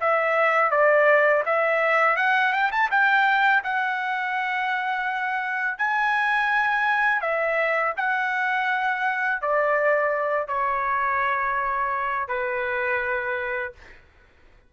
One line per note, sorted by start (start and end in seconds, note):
0.00 0.71 E5
0.71 1.43 D5
1.46 2.17 E5
2.17 2.53 F#5
2.53 2.71 G5
2.71 2.89 A5
2.90 3.63 G5
3.63 5.78 F#5
5.78 7.21 G#5
7.21 7.94 E5
7.97 9.41 F#5
9.41 10.48 D5
10.48 12.28 C#5
12.28 13.73 B4